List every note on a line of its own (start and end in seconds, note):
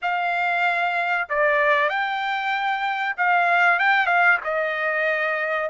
0.02 1.28 F5
1.29 1.89 D5
1.89 3.15 G5
3.17 3.79 F5
3.79 4.06 G5
4.06 4.38 F5
4.44 5.70 D#5